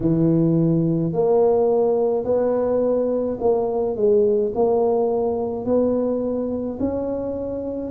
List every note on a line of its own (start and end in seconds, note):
0.00 1.13 E3
1.13 2.24 A#3
2.24 3.37 B3
3.40 3.96 A#3
3.96 4.52 G#3
4.54 5.64 A#3
5.64 6.78 B3
6.79 7.90 C#4